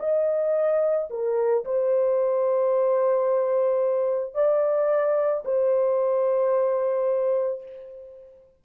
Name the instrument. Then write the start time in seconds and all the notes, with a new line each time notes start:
horn
0.00 D#5
1.10 A#4
1.65 C5
4.35 D5
5.45 C5